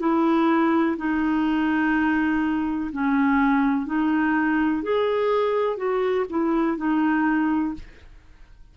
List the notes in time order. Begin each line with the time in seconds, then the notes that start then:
0.00 E4
0.98 D#4
2.93 C#4
3.86 D#4
4.83 G#4
5.77 F#4
6.30 E4
6.77 D#4